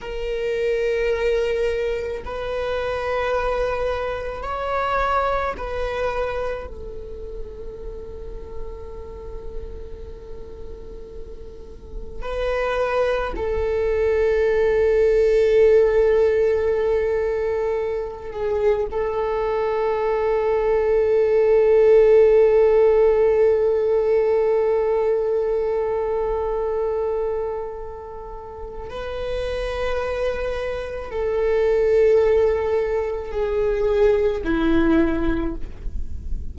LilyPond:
\new Staff \with { instrumentName = "viola" } { \time 4/4 \tempo 4 = 54 ais'2 b'2 | cis''4 b'4 a'2~ | a'2. b'4 | a'1~ |
a'8 gis'8 a'2.~ | a'1~ | a'2 b'2 | a'2 gis'4 e'4 | }